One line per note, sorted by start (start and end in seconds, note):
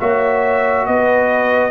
0.00 0.88 A#3
0.00 1.71 F#4
0.00 0.87 C#5
0.00 0.86 E5
0.86 1.71 B3
0.86 1.71 B4
0.86 1.71 D#5